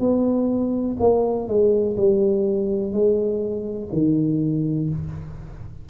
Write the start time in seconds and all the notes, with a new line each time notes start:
0.00 B3
1.00 A#3
1.48 G#3
1.97 G3
2.93 G#3
3.93 D#3